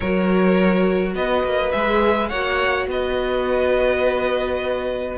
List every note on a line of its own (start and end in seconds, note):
0.00 1.14 F#3
0.00 1.72 F#4
0.00 1.13 A#4
0.00 1.14 C#5
1.14 1.43 B3
1.14 2.29 B4
1.14 1.71 D#5
1.44 1.73 A#3
1.71 2.31 G#3
1.71 2.30 G#4
1.71 2.28 E5
2.28 2.87 A#3
2.28 5.18 F#4
2.28 2.87 C#5
2.28 2.86 F#5
2.87 5.18 B3
2.87 5.18 B4
2.87 5.18 D#5